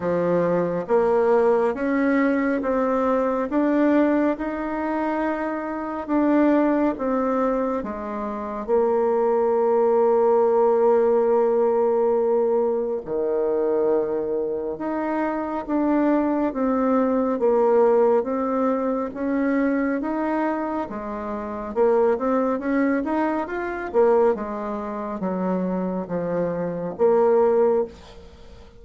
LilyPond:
\new Staff \with { instrumentName = "bassoon" } { \time 4/4 \tempo 4 = 69 f4 ais4 cis'4 c'4 | d'4 dis'2 d'4 | c'4 gis4 ais2~ | ais2. dis4~ |
dis4 dis'4 d'4 c'4 | ais4 c'4 cis'4 dis'4 | gis4 ais8 c'8 cis'8 dis'8 f'8 ais8 | gis4 fis4 f4 ais4 | }